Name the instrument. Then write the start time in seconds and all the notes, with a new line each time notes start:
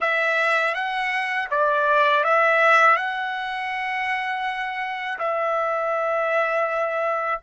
trumpet
0.00 E5
0.74 F#5
1.50 D5
2.24 E5
2.96 F#5
5.19 E5